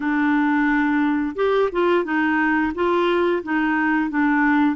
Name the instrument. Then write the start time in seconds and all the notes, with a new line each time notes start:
clarinet
0.00 D4
1.35 G4
1.72 F4
2.04 D#4
2.74 F4
3.43 D#4
4.09 D4